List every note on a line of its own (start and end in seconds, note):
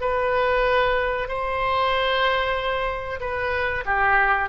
0.00 1.28 B4
1.28 3.19 C5
3.20 3.84 B4
3.85 4.49 G4